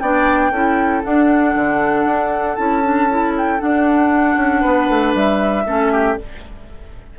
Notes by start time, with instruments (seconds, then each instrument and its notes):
0.00 bassoon B3, clarinet D4, oboe D5, flute G5
0.52 bassoon C#4, clarinet E4, oboe A4
1.04 clarinet D4, bassoon D4, flute F#5
1.55 bassoon D3
2.06 bassoon D4
2.56 bassoon C#4, clarinet E4, flute A5
2.84 clarinet D4
3.10 clarinet E4
3.38 flute G5
3.59 clarinet D4, bassoon D4, flute F#5
4.37 bassoon C#4
4.61 bassoon B3, oboe B4
4.89 bassoon A3
5.15 bassoon G3, flute E5
5.67 bassoon A3, clarinet C#4, oboe A4
5.93 oboe G4